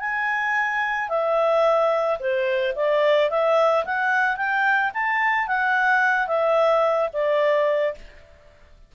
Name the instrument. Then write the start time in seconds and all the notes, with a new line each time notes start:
clarinet
0.00 G#5
1.09 E5
2.19 C5
2.76 D5
3.30 E5
3.85 F#5
4.37 G5
4.94 A5
5.47 F#5
6.28 E5
7.13 D5